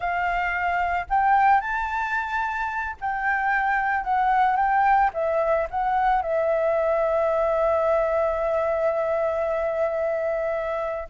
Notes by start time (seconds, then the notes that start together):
0.00 F5
1.09 G5
1.60 A5
3.00 G5
4.04 F#5
4.56 G5
5.13 E5
5.70 F#5
6.22 E5